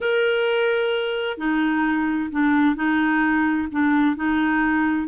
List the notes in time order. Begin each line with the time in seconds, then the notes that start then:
0.01 A#4
1.37 D#4
2.31 D4
2.75 D#4
3.71 D4
4.15 D#4